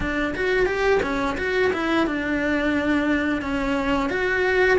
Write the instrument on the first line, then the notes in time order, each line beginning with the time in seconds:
cello
0.00 D4
0.34 F#4
0.66 G4
1.02 C#4
1.37 F#4
1.72 E4
2.06 D4
3.41 C#4
4.09 F#4